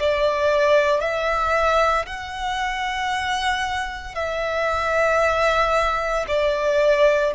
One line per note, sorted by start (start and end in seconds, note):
0.00 1.00 D5
1.00 2.06 E5
2.06 4.15 F#5
4.15 6.26 E5
6.28 7.33 D5